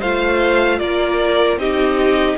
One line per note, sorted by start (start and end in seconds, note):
0.00 0.81 A3
0.00 1.60 F4
0.00 0.79 C5
0.00 0.79 F5
0.79 1.57 A#3
0.79 1.60 A#4
0.79 1.58 D5
1.57 2.36 C4
1.57 2.38 D#4
1.57 2.38 G4
1.57 2.38 D#5